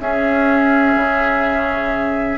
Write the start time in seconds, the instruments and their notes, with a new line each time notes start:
0.00 bassoon C#4, clarinet C#4, oboe G#4, flute E5
0.96 bassoon C#3